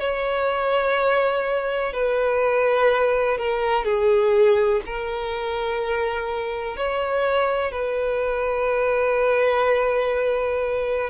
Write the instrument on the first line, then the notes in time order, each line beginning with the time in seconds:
violin
0.00 C#5
1.94 B4
3.38 A#4
3.85 G#4
4.86 A#4
6.77 C#5
7.72 B4